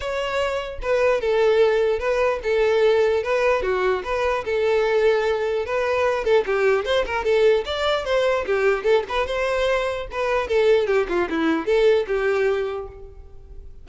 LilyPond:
\new Staff \with { instrumentName = "violin" } { \time 4/4 \tempo 4 = 149 cis''2 b'4 a'4~ | a'4 b'4 a'2 | b'4 fis'4 b'4 a'4~ | a'2 b'4. a'8 |
g'4 c''8 ais'8 a'4 d''4 | c''4 g'4 a'8 b'8 c''4~ | c''4 b'4 a'4 g'8 f'8 | e'4 a'4 g'2 | }